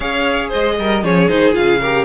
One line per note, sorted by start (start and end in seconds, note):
0.00 0.51 C#4
0.00 1.03 G#4
0.00 0.48 C#5
0.00 0.50 F5
0.48 0.79 G#3
0.48 0.74 C5
0.48 1.04 D#5
0.79 1.03 G3
0.79 1.04 A#4
1.03 1.28 F3
1.03 1.28 C#4
1.03 1.80 G#4
1.03 1.28 C#5
1.28 1.56 D#3
1.28 1.53 D#4
1.28 1.54 C5
1.53 2.04 C#3
1.53 1.78 F4
1.53 2.04 F5
1.80 2.04 G4
1.80 2.04 A#4